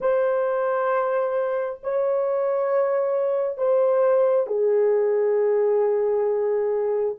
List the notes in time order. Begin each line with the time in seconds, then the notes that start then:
0.00 C5
1.83 C#5
3.57 C5
4.46 G#4